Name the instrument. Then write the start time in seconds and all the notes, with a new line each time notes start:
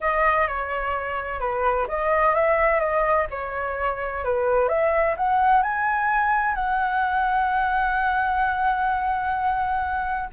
flute
0.01 D#5
0.47 C#5
1.39 B4
1.87 D#5
2.34 E5
2.80 D#5
3.30 C#5
4.24 B4
4.68 E5
5.16 F#5
5.62 G#5
6.54 F#5